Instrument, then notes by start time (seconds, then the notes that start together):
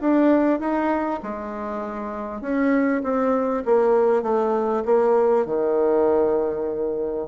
bassoon
0.00 D4
0.59 D#4
1.22 G#3
2.41 C#4
3.03 C4
3.65 A#3
4.22 A3
4.85 A#3
5.45 D#3